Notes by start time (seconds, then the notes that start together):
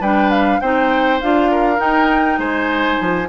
0.00 G3 D4 B4 G5
0.31 F5
0.60 C4 D#4 C5 G5
1.20 D4 F4 F5
1.51 A#4
1.77 D#4 G5
2.38 G#3 C5 G#5
3.00 F3